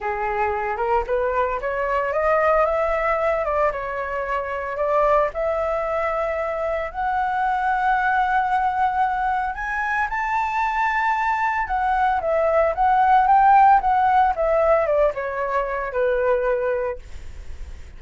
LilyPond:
\new Staff \with { instrumentName = "flute" } { \time 4/4 \tempo 4 = 113 gis'4. ais'8 b'4 cis''4 | dis''4 e''4. d''8 cis''4~ | cis''4 d''4 e''2~ | e''4 fis''2.~ |
fis''2 gis''4 a''4~ | a''2 fis''4 e''4 | fis''4 g''4 fis''4 e''4 | d''8 cis''4. b'2 | }